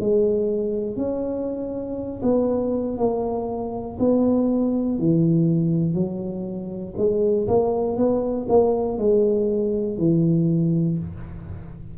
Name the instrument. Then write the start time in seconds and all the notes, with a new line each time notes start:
tuba
0.00 G#3
0.96 C#4
2.22 B3
2.97 A#3
3.99 B3
4.98 E3
5.94 F#3
6.97 G#3
7.47 A#3
7.96 B3
8.49 A#3
8.98 G#3
9.98 E3